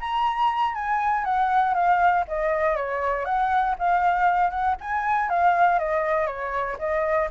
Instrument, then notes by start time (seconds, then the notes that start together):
flute
0.00 A#5
0.75 G#5
1.25 F#5
1.75 F5
2.28 D#5
2.76 C#5
3.25 F#5
3.79 F5
4.51 F#5
4.81 G#5
5.30 F5
5.79 D#5
6.27 C#5
6.79 D#5